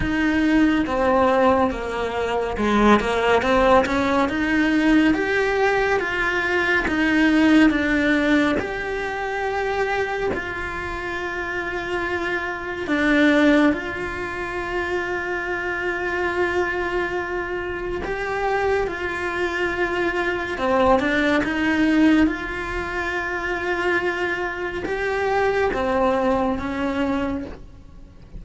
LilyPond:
\new Staff \with { instrumentName = "cello" } { \time 4/4 \tempo 4 = 70 dis'4 c'4 ais4 gis8 ais8 | c'8 cis'8 dis'4 g'4 f'4 | dis'4 d'4 g'2 | f'2. d'4 |
f'1~ | f'4 g'4 f'2 | c'8 d'8 dis'4 f'2~ | f'4 g'4 c'4 cis'4 | }